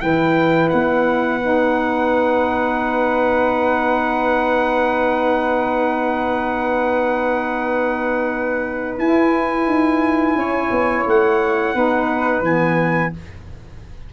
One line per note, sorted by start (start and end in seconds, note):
0.00 0.70 E3
0.00 1.39 E4
0.00 10.37 B4
0.00 0.69 G5
0.69 8.98 B3
0.69 8.97 F#5
1.40 8.99 D#4
8.98 9.66 E4
8.98 11.74 E4
8.98 11.05 G#5
9.66 10.35 D#4
10.35 10.69 C#4
10.35 11.74 C#5
10.71 11.05 B3
11.06 11.74 A3
11.06 12.44 F#5
11.74 12.41 B3
11.74 12.43 D#4
11.74 13.12 B4
12.41 13.10 E3
12.41 13.13 B3
12.41 13.13 G#5